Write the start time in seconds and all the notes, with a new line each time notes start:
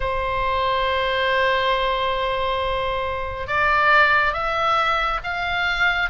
0.00 C5
3.47 D5
4.33 E5
5.23 F5